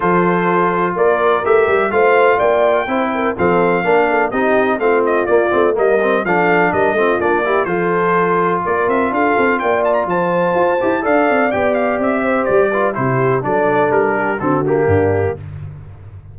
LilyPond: <<
  \new Staff \with { instrumentName = "trumpet" } { \time 4/4 \tempo 4 = 125 c''2 d''4 e''4 | f''4 g''2 f''4~ | f''4 dis''4 f''8 dis''8 d''4 | dis''4 f''4 dis''4 d''4 |
c''2 d''8 e''8 f''4 | g''8 a''16 ais''16 a''2 f''4 | g''8 f''8 e''4 d''4 c''4 | d''4 ais'4 a'8 g'4. | }
  \new Staff \with { instrumentName = "horn" } { \time 4/4 a'2 ais'2 | c''4 d''4 c''8 ais'8 a'4 | ais'8 a'8 g'4 f'2 | ais'4 a'4 ais'8 f'4 g'8 |
a'2 ais'4 a'4 | d''4 c''2 d''4~ | d''4. c''4 b'8 g'4 | a'4. g'8 fis'4 d'4 | }
  \new Staff \with { instrumentName = "trombone" } { \time 4/4 f'2. g'4 | f'2 e'4 c'4 | d'4 dis'4 c'4 ais8 c'8 | ais8 c'8 d'4. c'8 d'8 e'8 |
f'1~ | f'2~ f'8 g'8 a'4 | g'2~ g'8 f'8 e'4 | d'2 c'8 ais4. | }
  \new Staff \with { instrumentName = "tuba" } { \time 4/4 f2 ais4 a8 g8 | a4 ais4 c'4 f4 | ais4 c'4 a4 ais8 a8 | g4 f4 g8 a8 ais4 |
f2 ais8 c'8 d'8 c'8 | ais4 f4 f'8 e'8 d'8 c'8 | b4 c'4 g4 c4 | fis4 g4 d4 g,4 | }
>>